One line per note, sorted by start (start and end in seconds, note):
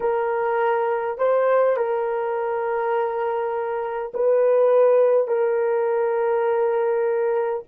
0.00 1.17 A#4
1.17 1.76 C5
1.76 4.11 A#4
4.14 5.27 B4
5.27 7.63 A#4